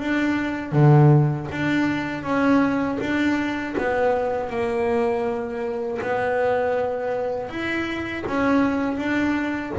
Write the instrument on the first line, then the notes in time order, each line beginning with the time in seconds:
double bass
0.00 D4
0.72 D3
1.52 D4
2.24 C#4
3.01 D4
3.78 B3
4.50 A#3
6.02 B3
7.49 E4
8.27 C#4
8.97 D4